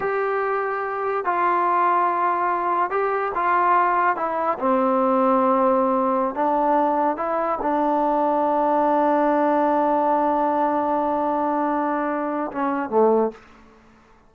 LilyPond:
\new Staff \with { instrumentName = "trombone" } { \time 4/4 \tempo 4 = 144 g'2. f'4~ | f'2. g'4 | f'2 e'4 c'4~ | c'2.~ c'16 d'8.~ |
d'4~ d'16 e'4 d'4.~ d'16~ | d'1~ | d'1~ | d'2 cis'4 a4 | }